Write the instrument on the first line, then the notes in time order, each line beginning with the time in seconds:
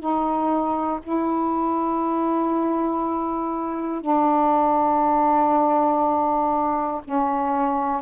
saxophone
0.00 D#4
1.03 E4
4.02 D4
7.05 C#4